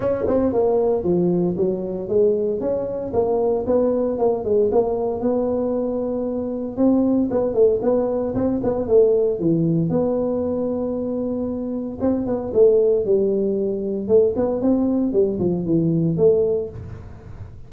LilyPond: \new Staff \with { instrumentName = "tuba" } { \time 4/4 \tempo 4 = 115 cis'8 c'8 ais4 f4 fis4 | gis4 cis'4 ais4 b4 | ais8 gis8 ais4 b2~ | b4 c'4 b8 a8 b4 |
c'8 b8 a4 e4 b4~ | b2. c'8 b8 | a4 g2 a8 b8 | c'4 g8 f8 e4 a4 | }